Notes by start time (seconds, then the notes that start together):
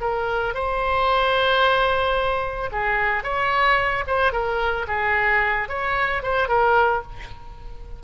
0.00 A#4
0.54 C5
2.71 G#4
3.23 C#5
4.06 C5
4.32 A#4
4.87 G#4
5.68 C#5
6.22 C5
6.48 A#4